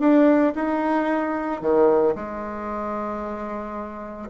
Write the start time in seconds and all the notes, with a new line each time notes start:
0.00 D4
0.56 D#4
1.62 D#3
2.16 G#3